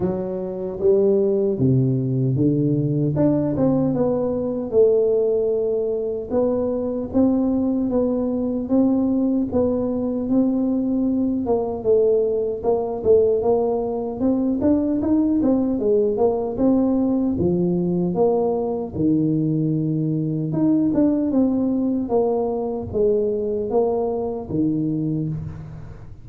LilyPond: \new Staff \with { instrumentName = "tuba" } { \time 4/4 \tempo 4 = 76 fis4 g4 c4 d4 | d'8 c'8 b4 a2 | b4 c'4 b4 c'4 | b4 c'4. ais8 a4 |
ais8 a8 ais4 c'8 d'8 dis'8 c'8 | gis8 ais8 c'4 f4 ais4 | dis2 dis'8 d'8 c'4 | ais4 gis4 ais4 dis4 | }